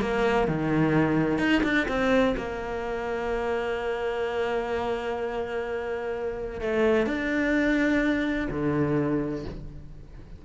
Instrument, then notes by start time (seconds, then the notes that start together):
cello
0.00 A#3
0.47 D#3
1.38 D#4
1.63 D4
1.88 C4
2.37 A#3
6.61 A3
7.06 D4
8.50 D3